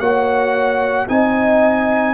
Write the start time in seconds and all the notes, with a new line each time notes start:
0.00 A#3 F#4 C#5 F#5
1.08 C4 D#4 D#5 G#5